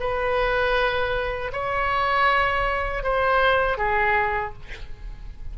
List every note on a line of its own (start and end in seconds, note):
0.00 1.52 B4
1.53 3.03 C#5
3.03 3.78 C5
3.78 4.54 G#4